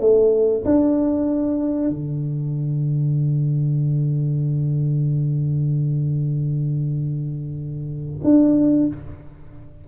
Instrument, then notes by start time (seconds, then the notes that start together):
tuba
0.00 A3
0.65 D4
1.89 D3
8.24 D4